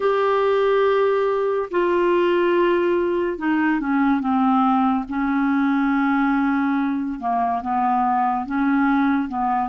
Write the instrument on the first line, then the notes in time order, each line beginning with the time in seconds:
clarinet
0.00 G4
1.70 F4
3.38 D#4
3.80 C#4
4.20 C4
5.08 C#4
7.19 A#3
7.61 B3
8.45 C#4
9.28 B3